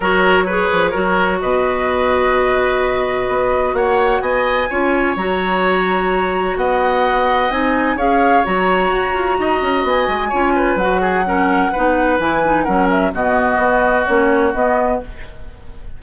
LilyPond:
<<
  \new Staff \with { instrumentName = "flute" } { \time 4/4 \tempo 4 = 128 cis''2. dis''4~ | dis''1 | fis''4 gis''2 ais''4~ | ais''2 fis''2 |
gis''4 f''4 ais''2~ | ais''4 gis''2 fis''4~ | fis''2 gis''4 fis''8 e''8 | dis''2 cis''4 dis''4 | }
  \new Staff \with { instrumentName = "oboe" } { \time 4/4 ais'4 b'4 ais'4 b'4~ | b'1 | cis''4 dis''4 cis''2~ | cis''2 dis''2~ |
dis''4 cis''2. | dis''2 cis''8 b'4 gis'8 | ais'4 b'2 ais'4 | fis'1 | }
  \new Staff \with { instrumentName = "clarinet" } { \time 4/4 fis'4 gis'4 fis'2~ | fis'1~ | fis'2 f'4 fis'4~ | fis'1 |
dis'4 gis'4 fis'2~ | fis'2 f'4 fis'4 | cis'4 dis'4 e'8 dis'8 cis'4 | b2 cis'4 b4 | }
  \new Staff \with { instrumentName = "bassoon" } { \time 4/4 fis4. f8 fis4 b,4~ | b,2. b4 | ais4 b4 cis'4 fis4~ | fis2 b2 |
c'4 cis'4 fis4 fis'8 f'8 | dis'8 cis'8 b8 gis8 cis'4 fis4~ | fis4 b4 e4 fis4 | b,4 b4 ais4 b4 | }
>>